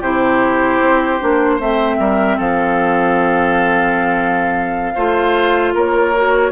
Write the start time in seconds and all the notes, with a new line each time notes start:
0.00 C3 E4 G4 C5
0.80 C4
1.20 A#3 D4
1.56 A3 C4 C5 E5
1.99 G3 A#4
2.37 F3 A4 F5
4.95 A3 F4 C5
5.74 A#3 A#4 C#5
6.15 F#4